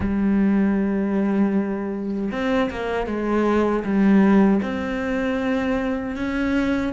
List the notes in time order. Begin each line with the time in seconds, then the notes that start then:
0.00 G3
2.31 C4
2.70 A#3
3.06 G#3
3.84 G3
4.62 C4
6.16 C#4